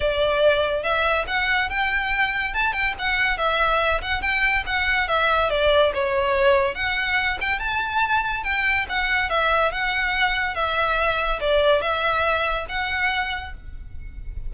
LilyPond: \new Staff \with { instrumentName = "violin" } { \time 4/4 \tempo 4 = 142 d''2 e''4 fis''4 | g''2 a''8 g''8 fis''4 | e''4. fis''8 g''4 fis''4 | e''4 d''4 cis''2 |
fis''4. g''8 a''2 | g''4 fis''4 e''4 fis''4~ | fis''4 e''2 d''4 | e''2 fis''2 | }